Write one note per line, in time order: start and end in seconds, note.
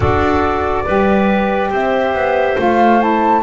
0.00 0.83 D4
0.00 0.84 F#4
0.00 0.84 A4
0.00 1.71 D5
0.85 1.71 G3
0.85 2.56 G4
0.85 1.70 B4
1.70 2.13 C4
1.70 3.41 C5
1.70 2.59 E5
2.13 2.56 B3
2.56 3.43 A3
2.56 2.99 F4
2.56 3.01 F5
2.99 3.42 E4
2.99 3.43 A5